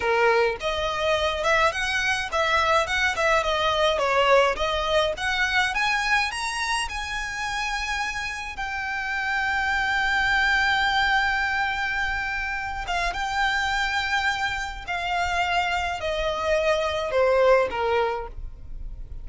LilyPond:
\new Staff \with { instrumentName = "violin" } { \time 4/4 \tempo 4 = 105 ais'4 dis''4. e''8 fis''4 | e''4 fis''8 e''8 dis''4 cis''4 | dis''4 fis''4 gis''4 ais''4 | gis''2. g''4~ |
g''1~ | g''2~ g''8 f''8 g''4~ | g''2 f''2 | dis''2 c''4 ais'4 | }